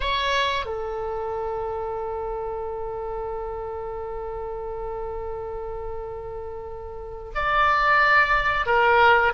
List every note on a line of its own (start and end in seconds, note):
0.00 0.65 C#5
0.65 7.32 A4
7.34 8.65 D5
8.65 9.32 A#4